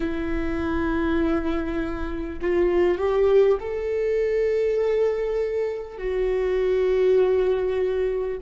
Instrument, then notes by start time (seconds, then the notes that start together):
viola
0.00 E4
2.41 F4
2.97 G4
3.60 A4
5.97 F#4